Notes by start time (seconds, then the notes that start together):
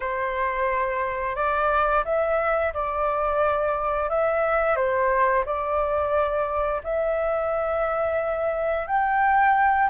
0.00 C5
1.35 D5
2.05 E5
2.73 D5
4.09 E5
4.75 C5
5.45 D5
6.83 E5
8.87 G5